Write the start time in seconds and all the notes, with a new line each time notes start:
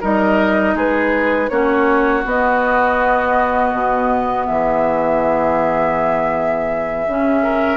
0.00 G3 D#4 A#4 D#5
0.75 G#3 G#4 B4
1.49 A#3 C#4 F#4 C#5
2.23 B3 D#5
3.72 B2
4.46 E3 G#4 E5
7.06 C#3 C#4
7.42 A#4